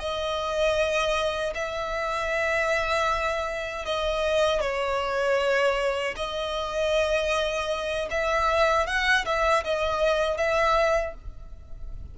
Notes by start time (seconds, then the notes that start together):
0.00 D#5
1.55 E5
3.86 D#5
4.61 C#5
6.17 D#5
8.11 E5
8.87 F#5
9.26 E5
9.65 D#5
10.38 E5